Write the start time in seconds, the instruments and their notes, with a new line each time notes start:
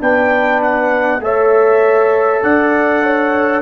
0.00 tuba B3, trombone D4, horn B4, trumpet G5
0.62 trumpet F#5
1.20 tuba A3, trombone A4, horn C#5, trumpet E5
2.43 tuba D4, horn D5, trumpet F#5
3.03 horn C#5